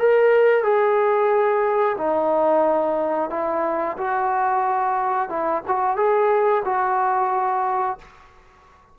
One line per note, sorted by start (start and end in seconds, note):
0.00 0.64 A#4
0.64 1.97 G#4
1.98 3.31 D#4
3.31 3.97 E4
3.98 5.30 F#4
5.30 5.63 E4
5.68 5.97 F#4
5.97 6.64 G#4
6.65 7.99 F#4